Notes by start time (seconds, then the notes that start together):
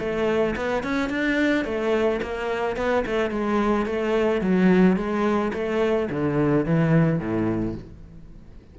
0.00 A3
0.56 B3
0.83 C#4
1.10 D4
1.65 A3
2.22 A#3
2.77 B3
3.06 A3
3.31 G#3
3.86 A3
4.41 F#3
4.97 G#3
5.54 A3
6.10 D3
6.66 E3
7.20 A2